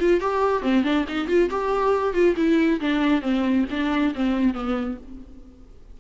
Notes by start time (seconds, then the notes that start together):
0.00 F4
0.20 G4
0.62 C4
0.84 D4
1.09 D#4
1.28 F4
1.50 G4
2.14 F4
2.37 E4
2.80 D4
3.22 C4
3.71 D4
4.15 C4
4.54 B3